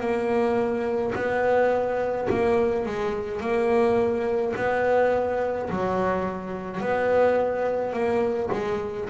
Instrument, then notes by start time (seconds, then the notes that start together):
double bass
0.00 A#3
1.15 B3
2.30 A#3
2.86 G#3
3.41 A#3
4.56 B3
5.70 F#3
6.80 B3
7.92 A#3
8.52 G#3